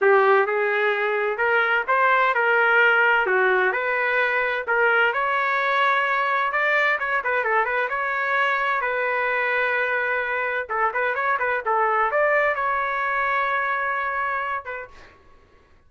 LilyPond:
\new Staff \with { instrumentName = "trumpet" } { \time 4/4 \tempo 4 = 129 g'4 gis'2 ais'4 | c''4 ais'2 fis'4 | b'2 ais'4 cis''4~ | cis''2 d''4 cis''8 b'8 |
a'8 b'8 cis''2 b'4~ | b'2. a'8 b'8 | cis''8 b'8 a'4 d''4 cis''4~ | cis''2.~ cis''8 b'8 | }